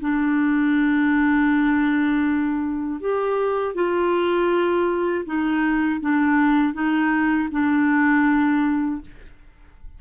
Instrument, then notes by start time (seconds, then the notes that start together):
clarinet
0.00 D4
3.00 G4
3.74 F4
5.25 D#4
6.00 D4
6.73 D#4
7.51 D4